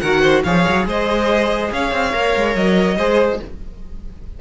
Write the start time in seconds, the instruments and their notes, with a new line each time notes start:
0.00 cello D#3, viola F#4, violin A#4 F#5
0.21 violin C5
0.44 cello F3, viola G#4, violin C#5 F5
0.68 cello F#3
0.86 cello G#3, violin C5 D#5
1.71 cello C#4, violin C#5 F5
1.92 cello C4
2.12 cello A#3, viola A#4
2.36 cello G#3
2.55 cello F#3, violin D#5
2.97 cello G#3, viola G#4, violin C5